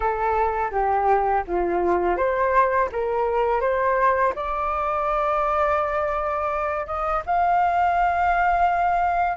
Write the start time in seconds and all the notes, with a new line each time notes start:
0.00 A4
0.71 G4
1.47 F4
2.16 C5
2.92 A#4
3.60 C5
4.35 D5
6.86 D#5
7.26 F5